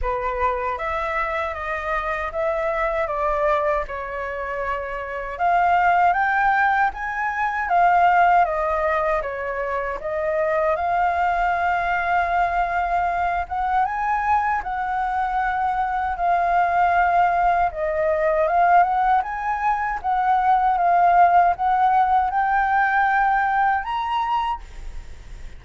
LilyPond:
\new Staff \with { instrumentName = "flute" } { \time 4/4 \tempo 4 = 78 b'4 e''4 dis''4 e''4 | d''4 cis''2 f''4 | g''4 gis''4 f''4 dis''4 | cis''4 dis''4 f''2~ |
f''4. fis''8 gis''4 fis''4~ | fis''4 f''2 dis''4 | f''8 fis''8 gis''4 fis''4 f''4 | fis''4 g''2 ais''4 | }